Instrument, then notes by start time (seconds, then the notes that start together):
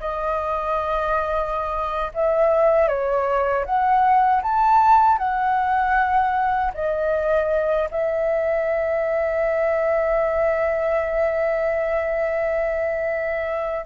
flute
0.00 D#5
2.14 E5
2.88 C#5
3.65 F#5
4.42 A5
5.18 F#5
6.74 D#5
7.91 E5